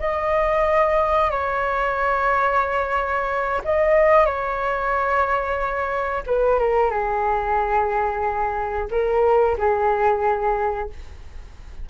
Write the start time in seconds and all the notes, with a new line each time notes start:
0.00 D#5
1.31 C#5
3.64 D#5
4.26 C#5
6.26 B4
6.59 A#4
6.91 G#4
8.91 A#4
9.58 G#4